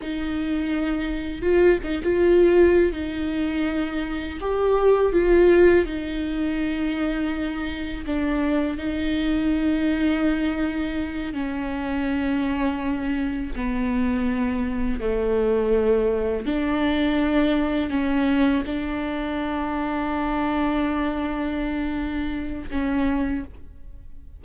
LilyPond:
\new Staff \with { instrumentName = "viola" } { \time 4/4 \tempo 4 = 82 dis'2 f'8 dis'16 f'4~ f'16 | dis'2 g'4 f'4 | dis'2. d'4 | dis'2.~ dis'8 cis'8~ |
cis'2~ cis'8 b4.~ | b8 a2 d'4.~ | d'8 cis'4 d'2~ d'8~ | d'2. cis'4 | }